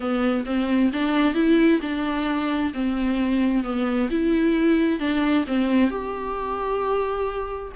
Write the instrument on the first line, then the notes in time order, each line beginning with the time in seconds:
viola
0.00 B3
0.45 C4
0.93 D4
1.34 E4
1.81 D4
2.73 C4
3.63 B3
4.10 E4
4.99 D4
5.47 C4
5.90 G4